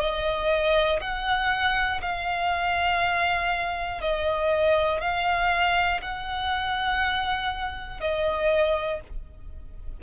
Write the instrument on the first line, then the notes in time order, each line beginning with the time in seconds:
violin
0.00 D#5
1.00 F#5
2.01 F5
4.00 D#5
5.00 F5
6.01 F#5
8.00 D#5